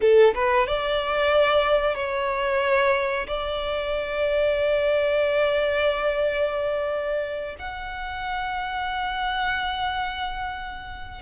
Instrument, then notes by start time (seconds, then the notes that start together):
violin
0.01 A4
0.34 B4
0.67 D5
1.95 C#5
3.27 D5
7.59 F#5